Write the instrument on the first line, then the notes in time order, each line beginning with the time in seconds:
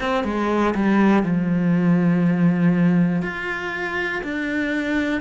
cello
0.00 C4
0.24 G#3
0.74 G3
1.23 F3
3.22 F4
4.23 D4